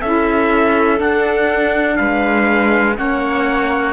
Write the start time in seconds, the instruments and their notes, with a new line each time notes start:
0.00 cello C#4, saxophone E4, viola A4, trumpet E5
0.97 saxophone D4, cello D4, trumpet F#5
1.96 cello G#3, viola B4, trumpet F5
2.94 cello A#3, saxophone C#4, viola C#5, trumpet F#5